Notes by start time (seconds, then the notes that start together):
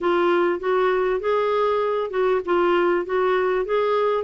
0.01 F4
0.59 F#4
1.20 G#4
2.10 F#4
2.45 F4
3.05 F#4
3.65 G#4